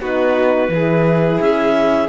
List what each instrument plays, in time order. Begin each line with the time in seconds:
0.00 cello B3, horn D#4, violin F#4, clarinet B4
0.68 cello E3, horn E4, violin G#4
1.40 cello C#4, clarinet E5